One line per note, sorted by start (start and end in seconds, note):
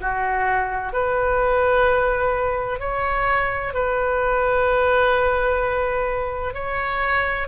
0.00 0.93 F#4
0.93 2.80 B4
2.80 3.73 C#5
3.74 6.54 B4
6.54 7.47 C#5